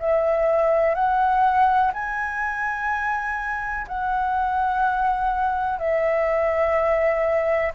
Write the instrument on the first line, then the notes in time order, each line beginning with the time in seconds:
flute
0.00 E5
0.95 F#5
1.94 G#5
3.88 F#5
5.79 E5